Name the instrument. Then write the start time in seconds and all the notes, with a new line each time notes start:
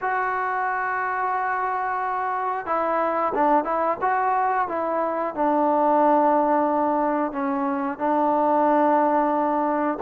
trombone
0.01 F#4
2.66 E4
3.34 D4
3.64 E4
4.01 F#4
4.68 E4
5.34 D4
7.32 C#4
7.98 D4